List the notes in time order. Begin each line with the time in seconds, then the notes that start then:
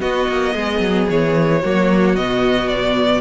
0.00 B3 F#4 D#5
0.28 A#3
0.55 G#3 G#4
0.80 F#3
1.10 E3 C#5
1.61 F#3 A#3 F#4
2.15 B2 B3 D#5
2.68 D5